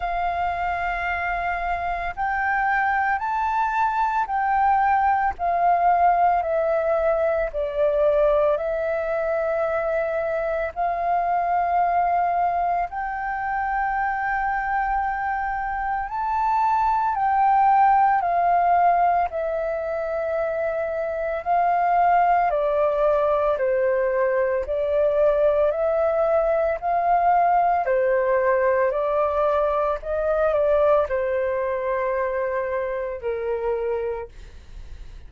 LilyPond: \new Staff \with { instrumentName = "flute" } { \time 4/4 \tempo 4 = 56 f''2 g''4 a''4 | g''4 f''4 e''4 d''4 | e''2 f''2 | g''2. a''4 |
g''4 f''4 e''2 | f''4 d''4 c''4 d''4 | e''4 f''4 c''4 d''4 | dis''8 d''8 c''2 ais'4 | }